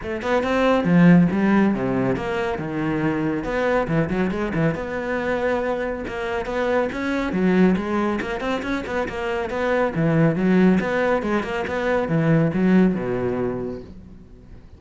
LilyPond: \new Staff \with { instrumentName = "cello" } { \time 4/4 \tempo 4 = 139 a8 b8 c'4 f4 g4 | c4 ais4 dis2 | b4 e8 fis8 gis8 e8 b4~ | b2 ais4 b4 |
cis'4 fis4 gis4 ais8 c'8 | cis'8 b8 ais4 b4 e4 | fis4 b4 gis8 ais8 b4 | e4 fis4 b,2 | }